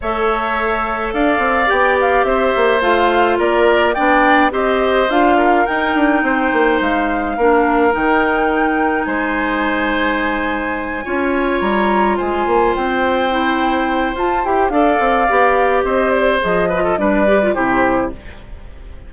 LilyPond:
<<
  \new Staff \with { instrumentName = "flute" } { \time 4/4 \tempo 4 = 106 e''2 f''4 g''8 f''8 | e''4 f''4 d''4 g''4 | dis''4 f''4 g''2 | f''2 g''2 |
gis''1~ | gis''8 ais''4 gis''4 g''4.~ | g''4 a''8 g''8 f''2 | dis''8 d''8 dis''4 d''4 c''4 | }
  \new Staff \with { instrumentName = "oboe" } { \time 4/4 cis''2 d''2 | c''2 ais'4 d''4 | c''4. ais'4. c''4~ | c''4 ais'2. |
c''2.~ c''8 cis''8~ | cis''4. c''2~ c''8~ | c''2 d''2 | c''4. b'16 a'16 b'4 g'4 | }
  \new Staff \with { instrumentName = "clarinet" } { \time 4/4 a'2. g'4~ | g'4 f'2 d'4 | g'4 f'4 dis'2~ | dis'4 d'4 dis'2~ |
dis'2.~ dis'8 f'8~ | f'2.~ f'8 e'8~ | e'4 f'8 g'8 a'4 g'4~ | g'4 gis'8 f'8 d'8 g'16 f'16 e'4 | }
  \new Staff \with { instrumentName = "bassoon" } { \time 4/4 a2 d'8 c'8 b4 | c'8 ais8 a4 ais4 b4 | c'4 d'4 dis'8 d'8 c'8 ais8 | gis4 ais4 dis2 |
gis2.~ gis8 cis'8~ | cis'8 g4 gis8 ais8 c'4.~ | c'4 f'8 e'8 d'8 c'8 b4 | c'4 f4 g4 c4 | }
>>